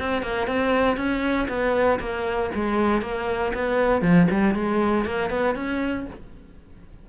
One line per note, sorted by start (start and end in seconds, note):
0.00 0.23 C4
0.23 0.48 A#3
0.48 0.97 C4
0.97 1.48 C#4
1.49 1.99 B3
2.00 2.51 A#3
2.55 3.02 G#3
3.02 3.53 A#3
3.55 4.02 B3
4.02 4.27 F3
4.31 4.55 G3
4.55 5.05 G#3
5.05 5.30 A#3
5.30 5.56 B3
5.56 6.06 C#4